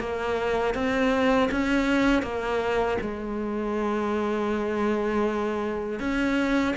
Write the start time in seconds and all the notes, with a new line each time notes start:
0.00 A#3
0.75 C4
1.51 C#4
2.23 A#3
3.01 G#3
6.00 C#4